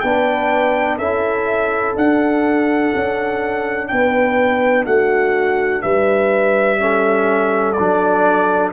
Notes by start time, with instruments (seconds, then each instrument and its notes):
0.00 tuba B3, trombone D4, horn B4, trumpet G5
0.97 tuba C#4, trombone E4, horn A4, trumpet E5
1.96 tuba D4, trombone D4, trumpet F#5
2.95 tuba C#4
3.87 tuba B3, horn B4, trumpet G5
4.85 tuba A3, horn F#4, trumpet F#5
5.81 tuba G3, horn B4, trumpet E5
6.79 trombone C#4, horn A4
7.72 trumpet D5
7.78 tuba F#3, trombone D4